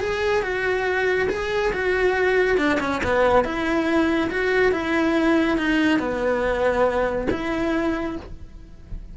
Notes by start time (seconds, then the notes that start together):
0.00 G#4
0.42 F#4
1.29 G#4
1.73 F#4
2.58 D4
2.80 C#4
3.04 B3
3.44 E4
4.30 F#4
4.72 E4
5.58 D#4
5.99 B3
7.31 E4